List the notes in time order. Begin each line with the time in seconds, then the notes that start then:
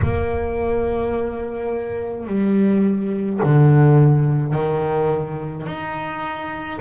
0.02 A#3
2.26 G3
3.42 D3
4.53 D#3
5.66 D#4